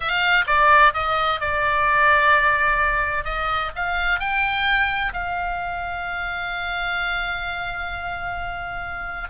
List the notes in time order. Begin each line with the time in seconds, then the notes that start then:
0.00 F5
0.46 D5
0.93 D#5
1.40 D5
3.24 D#5
3.75 F5
4.19 G5
5.13 F5